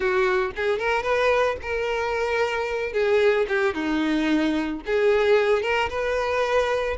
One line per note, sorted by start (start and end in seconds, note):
0.00 0.51 F#4
0.56 0.79 G#4
0.79 1.03 A#4
1.03 1.56 B4
1.61 2.92 A#4
2.92 3.46 G#4
3.48 3.74 G4
3.74 4.81 D#4
4.86 5.62 G#4
5.62 5.89 A#4
5.89 6.96 B4